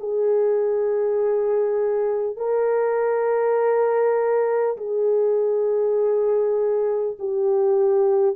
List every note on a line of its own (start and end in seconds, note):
0.00 2.37 G#4
2.37 4.77 A#4
4.78 7.18 G#4
7.19 8.36 G4